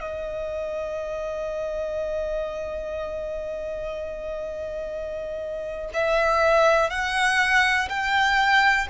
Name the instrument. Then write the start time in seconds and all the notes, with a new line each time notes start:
violin
0.00 D#5
5.94 E5
6.90 F#5
7.89 G5